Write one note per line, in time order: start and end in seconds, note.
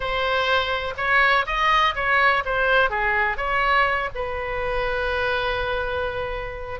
0.00 0.94 C5
0.97 1.45 C#5
1.46 1.94 D#5
1.95 2.43 C#5
2.45 2.90 C5
2.90 3.37 G#4
3.37 4.09 C#5
4.14 6.80 B4